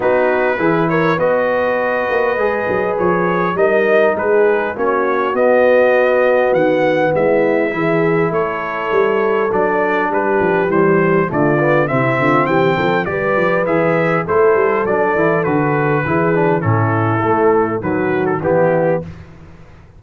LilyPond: <<
  \new Staff \with { instrumentName = "trumpet" } { \time 4/4 \tempo 4 = 101 b'4. cis''8 dis''2~ | dis''4 cis''4 dis''4 b'4 | cis''4 dis''2 fis''4 | e''2 cis''2 |
d''4 b'4 c''4 d''4 | e''4 g''4 d''4 e''4 | c''4 d''4 b'2 | a'2 b'8. a'16 g'4 | }
  \new Staff \with { instrumentName = "horn" } { \time 4/4 fis'4 gis'8 ais'8 b'2~ | b'2 ais'4 gis'4 | fis'1 | e'4 gis'4 a'2~ |
a'4 g'2 f'4 | e'8 f'8 g'8 a'8 b'2 | a'2. gis'4 | e'2 fis'4 e'4 | }
  \new Staff \with { instrumentName = "trombone" } { \time 4/4 dis'4 e'4 fis'2 | gis'2 dis'2 | cis'4 b2.~ | b4 e'2. |
d'2 g4 a8 b8 | c'2 g'4 gis'4 | e'4 d'8 e'8 fis'4 e'8 d'8 | cis'4 a4 fis4 b4 | }
  \new Staff \with { instrumentName = "tuba" } { \time 4/4 b4 e4 b4. ais8 | gis8 fis8 f4 g4 gis4 | ais4 b2 dis4 | gis4 e4 a4 g4 |
fis4 g8 f8 e4 d4 | c8 d8 e8 f8 g8 f8 e4 | a8 g8 fis8 e8 d4 e4 | a,4 a4 dis4 e4 | }
>>